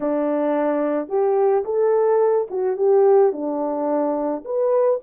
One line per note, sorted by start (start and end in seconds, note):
0.00 1.08 D4
1.08 1.64 G4
1.64 2.48 A4
2.50 2.77 F#4
2.77 3.32 G4
3.32 4.43 D4
4.44 5.00 B4